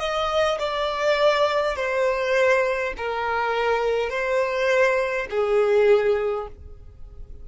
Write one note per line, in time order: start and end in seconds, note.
0.00 0.59 D#5
0.59 1.76 D5
1.76 2.94 C5
2.97 4.10 A#4
4.10 5.28 C5
5.30 6.48 G#4